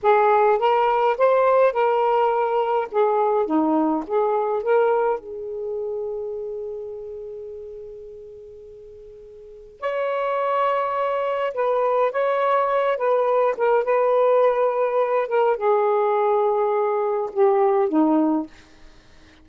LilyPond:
\new Staff \with { instrumentName = "saxophone" } { \time 4/4 \tempo 4 = 104 gis'4 ais'4 c''4 ais'4~ | ais'4 gis'4 dis'4 gis'4 | ais'4 gis'2.~ | gis'1~ |
gis'4 cis''2. | b'4 cis''4. b'4 ais'8 | b'2~ b'8 ais'8 gis'4~ | gis'2 g'4 dis'4 | }